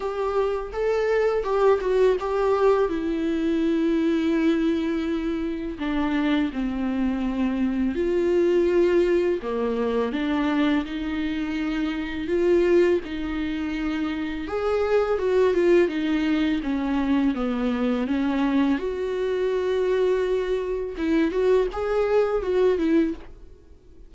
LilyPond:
\new Staff \with { instrumentName = "viola" } { \time 4/4 \tempo 4 = 83 g'4 a'4 g'8 fis'8 g'4 | e'1 | d'4 c'2 f'4~ | f'4 ais4 d'4 dis'4~ |
dis'4 f'4 dis'2 | gis'4 fis'8 f'8 dis'4 cis'4 | b4 cis'4 fis'2~ | fis'4 e'8 fis'8 gis'4 fis'8 e'8 | }